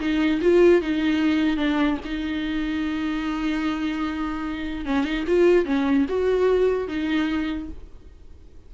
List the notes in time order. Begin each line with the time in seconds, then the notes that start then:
0.00 D#4
0.41 F4
0.82 D#4
1.57 D4
2.05 D#4
4.86 C#4
5.05 D#4
5.27 F4
5.66 C#4
6.09 F#4
6.88 D#4